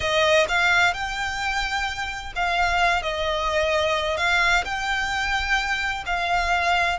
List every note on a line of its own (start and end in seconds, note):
0.00 0.46 D#5
0.48 0.93 F5
0.93 2.33 G5
2.35 3.02 F5
3.02 4.17 D#5
4.17 4.63 F5
4.64 6.04 G5
6.06 6.98 F5